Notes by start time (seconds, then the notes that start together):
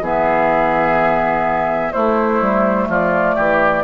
0.00 E3 B3 G#4 E5
1.92 A3 E4 C5
2.41 G3
2.88 F3 F4 D5
3.35 E3 G4